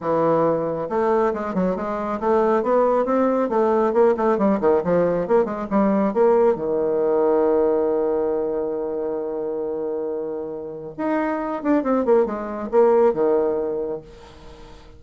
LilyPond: \new Staff \with { instrumentName = "bassoon" } { \time 4/4 \tempo 4 = 137 e2 a4 gis8 fis8 | gis4 a4 b4 c'4 | a4 ais8 a8 g8 dis8 f4 | ais8 gis8 g4 ais4 dis4~ |
dis1~ | dis1~ | dis4 dis'4. d'8 c'8 ais8 | gis4 ais4 dis2 | }